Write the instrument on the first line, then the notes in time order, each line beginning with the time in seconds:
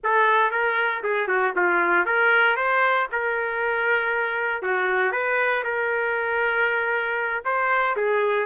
trumpet
0.03 A4
0.51 A#4
1.03 G#4
1.27 F#4
1.56 F4
2.05 A#4
2.56 C5
3.11 A#4
4.62 F#4
5.11 B4
5.64 A#4
7.44 C5
7.96 G#4